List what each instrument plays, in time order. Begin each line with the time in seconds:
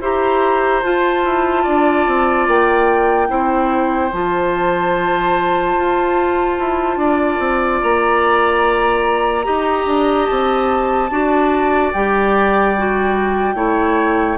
0.00 bassoon E4, clarinet G4, oboe C5, flute A#5
0.83 bassoon F4, clarinet F4, flute A5
1.24 bassoon E4
1.63 bassoon D4, oboe D5
2.07 bassoon C4
2.47 bassoon A#3, flute G5
3.28 bassoon C4, clarinet E4, oboe C5
4.12 bassoon F3, clarinet F4, flute A5
5.76 bassoon F4
6.58 bassoon E4
6.96 bassoon D4, oboe D5
7.39 bassoon C4
7.81 bassoon A#3, flute A#5
9.44 bassoon D#4, clarinet G4, oboe D#5
9.86 bassoon D4
10.26 bassoon C4, flute A5
11.10 bassoon D4, clarinet F#4, oboe D5
11.92 bassoon G3, clarinet G4, flute G5
12.77 clarinet F#4
13.54 bassoon A3, clarinet E4, oboe C#5